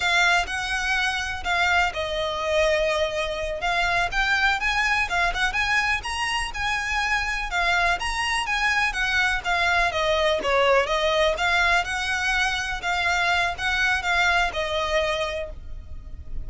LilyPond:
\new Staff \with { instrumentName = "violin" } { \time 4/4 \tempo 4 = 124 f''4 fis''2 f''4 | dis''2.~ dis''8 f''8~ | f''8 g''4 gis''4 f''8 fis''8 gis''8~ | gis''8 ais''4 gis''2 f''8~ |
f''8 ais''4 gis''4 fis''4 f''8~ | f''8 dis''4 cis''4 dis''4 f''8~ | f''8 fis''2 f''4. | fis''4 f''4 dis''2 | }